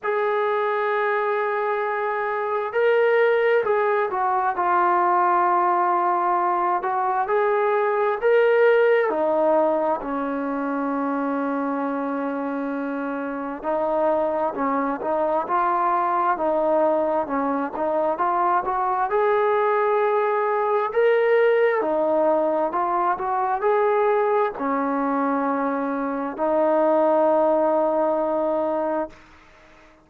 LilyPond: \new Staff \with { instrumentName = "trombone" } { \time 4/4 \tempo 4 = 66 gis'2. ais'4 | gis'8 fis'8 f'2~ f'8 fis'8 | gis'4 ais'4 dis'4 cis'4~ | cis'2. dis'4 |
cis'8 dis'8 f'4 dis'4 cis'8 dis'8 | f'8 fis'8 gis'2 ais'4 | dis'4 f'8 fis'8 gis'4 cis'4~ | cis'4 dis'2. | }